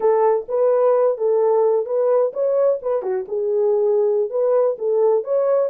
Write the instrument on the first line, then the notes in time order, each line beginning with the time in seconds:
horn
0.00 A4
0.48 B4
1.17 A4
1.85 B4
2.33 C#5
2.82 B4
3.02 F#4
3.28 G#4
4.30 B4
4.78 A4
5.24 C#5